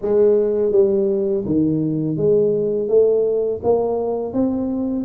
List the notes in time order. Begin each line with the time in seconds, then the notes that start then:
0.01 G#3
0.72 G3
1.45 D#3
2.17 G#3
2.88 A3
3.63 A#3
4.33 C4